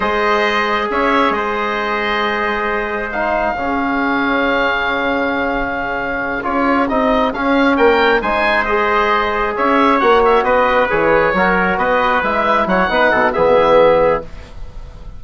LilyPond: <<
  \new Staff \with { instrumentName = "oboe" } { \time 4/4 \tempo 4 = 135 dis''2 e''4 dis''4~ | dis''2. f''4~ | f''1~ | f''2~ f''8 cis''4 dis''8~ |
dis''8 f''4 g''4 gis''4 dis''8~ | dis''4. e''4 fis''8 e''8 dis''8~ | dis''8 cis''2 dis''4 e''8~ | e''8 fis''4. e''2 | }
  \new Staff \with { instrumentName = "trumpet" } { \time 4/4 c''2 cis''4 c''4~ | c''1 | gis'1~ | gis'1~ |
gis'4. ais'4 c''4.~ | c''4. cis''2 b'8~ | b'4. ais'4 b'4.~ | b'8 cis''8 b'8 a'8 gis'2 | }
  \new Staff \with { instrumentName = "trombone" } { \time 4/4 gis'1~ | gis'2. dis'4 | cis'1~ | cis'2~ cis'8 f'4 dis'8~ |
dis'8 cis'2 dis'4 gis'8~ | gis'2~ gis'8 fis'4.~ | fis'8 gis'4 fis'2 e'8~ | e'4 dis'4 b2 | }
  \new Staff \with { instrumentName = "bassoon" } { \time 4/4 gis2 cis'4 gis4~ | gis1 | cis1~ | cis2~ cis8 cis'4 c'8~ |
c'8 cis'4 ais4 gis4.~ | gis4. cis'4 ais4 b8~ | b8 e4 fis4 b4 gis8~ | gis8 fis8 b8 b,8 e16 b,16 e4. | }
>>